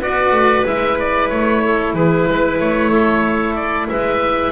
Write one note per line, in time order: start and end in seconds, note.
0.00 0.32 B3
0.00 0.66 F#4
0.00 1.63 B4
0.00 0.67 D5
0.32 0.64 A3
0.66 1.31 G#3
0.66 4.52 E4
0.66 0.99 E5
1.00 1.30 D5
1.30 1.94 A3
1.30 1.94 C#5
1.64 1.96 A4
1.94 2.26 E3
1.94 2.28 G#4
1.94 2.59 B4
2.28 2.60 G#3
2.28 2.91 B4
2.60 3.89 A3
2.60 3.56 C#5
2.91 3.88 A4
3.56 3.88 D5
3.89 4.52 G#3
3.89 4.52 B4
3.89 4.52 E5